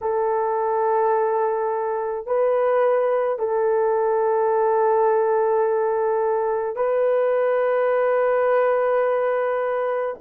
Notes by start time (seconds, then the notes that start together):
0.01 A4
2.26 B4
3.39 A4
6.76 B4